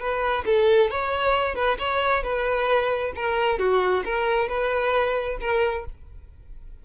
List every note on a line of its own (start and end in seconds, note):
0.00 0.45 B4
0.46 0.91 A4
0.91 1.56 C#5
1.56 1.78 B4
1.80 2.23 C#5
2.23 3.13 B4
3.16 3.59 A#4
3.59 4.04 F#4
4.05 4.49 A#4
4.49 5.38 B4
5.41 5.86 A#4